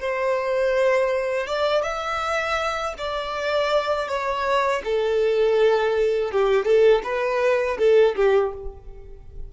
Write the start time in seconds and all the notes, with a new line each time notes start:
0.00 C5
1.47 D5
1.82 E5
2.98 D5
4.08 C#5
4.84 A4
6.31 G4
6.65 A4
7.03 B4
7.78 A4
8.15 G4